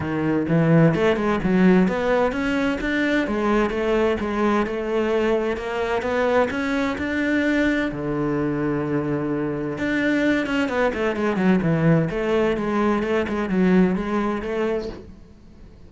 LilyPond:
\new Staff \with { instrumentName = "cello" } { \time 4/4 \tempo 4 = 129 dis4 e4 a8 gis8 fis4 | b4 cis'4 d'4 gis4 | a4 gis4 a2 | ais4 b4 cis'4 d'4~ |
d'4 d2.~ | d4 d'4. cis'8 b8 a8 | gis8 fis8 e4 a4 gis4 | a8 gis8 fis4 gis4 a4 | }